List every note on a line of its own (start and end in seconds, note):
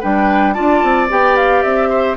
0.00 0.58 G3
0.00 0.55 D4
0.00 0.54 B4
0.00 0.53 G5
0.53 0.83 D4
0.53 1.09 F4
0.53 1.89 D5
0.53 1.08 A5
0.83 1.10 C4
1.09 1.64 B3
1.09 2.17 G4
1.09 1.37 G5
1.37 1.62 F5
1.62 2.17 C4
1.62 2.17 E5
1.89 2.16 C5